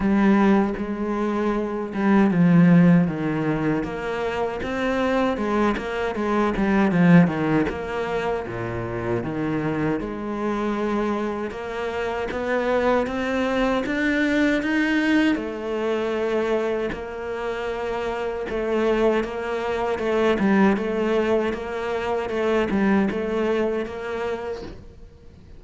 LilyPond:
\new Staff \with { instrumentName = "cello" } { \time 4/4 \tempo 4 = 78 g4 gis4. g8 f4 | dis4 ais4 c'4 gis8 ais8 | gis8 g8 f8 dis8 ais4 ais,4 | dis4 gis2 ais4 |
b4 c'4 d'4 dis'4 | a2 ais2 | a4 ais4 a8 g8 a4 | ais4 a8 g8 a4 ais4 | }